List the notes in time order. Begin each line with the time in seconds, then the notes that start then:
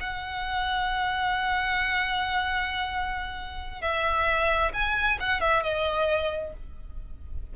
0.00 F#5
3.81 E5
4.73 G#5
5.20 F#5
5.41 E5
5.63 D#5